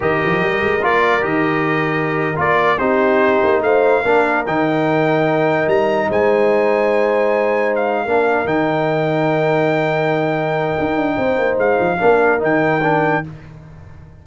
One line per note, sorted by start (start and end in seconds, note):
0.00 0.21 D#3
0.00 0.80 G4
0.00 2.78 A#4
0.00 0.84 D#5
0.24 0.41 F3
0.41 0.61 G3
0.61 0.82 G#3
0.82 1.23 A#3
0.82 1.20 F4
0.82 1.24 D5
1.20 2.37 D#3
1.20 2.34 G4
1.20 2.37 D#5
2.36 2.79 A#3
2.36 2.77 F4
2.36 2.78 D5
2.78 3.41 C4
2.78 4.03 D#4
2.78 3.62 G4
2.78 3.61 C5
3.43 3.62 A#3
3.62 4.03 A3
3.62 4.01 C5
3.62 4.45 F5
4.01 4.46 A#3
4.01 4.45 D4
4.01 6.08 A#4
4.46 5.67 D#3
4.46 8.07 D#4
4.46 5.68 G5
5.67 6.08 G3
5.67 6.10 A#5
6.09 8.05 G#3
6.09 8.05 C5
6.09 7.75 G#5
7.75 8.47 F5
8.05 8.45 A#3
8.05 8.45 D4
8.05 11.16 A#4
8.45 10.73 D#3
8.45 11.97 D#4
8.45 11.57 G5
10.79 10.96 D#4
10.96 11.17 D4
11.17 11.37 C4
11.17 11.99 C5
11.37 11.57 A#3
11.57 11.78 G#3
11.57 12.41 F5
11.80 12.00 F3
11.98 12.42 A#3
11.98 12.39 D4
11.98 13.23 A#4
12.39 13.25 D#3
12.39 12.80 D#4
12.39 13.26 G5
12.82 13.23 D4